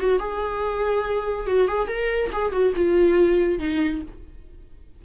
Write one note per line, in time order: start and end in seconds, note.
0.00 0.19 F#4
0.19 1.47 G#4
1.47 1.68 F#4
1.68 1.88 G#4
1.88 2.30 A#4
2.32 2.52 G#4
2.52 2.73 F#4
2.76 3.59 F4
3.59 4.02 D#4